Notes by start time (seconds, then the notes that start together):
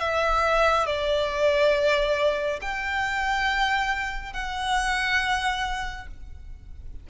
0.00 E5
0.86 D5
2.61 G5
4.33 F#5